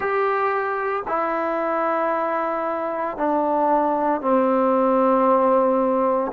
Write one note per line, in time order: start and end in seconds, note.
0.00 1.02 G4
1.07 3.17 E4
3.17 4.21 D4
4.21 6.31 C4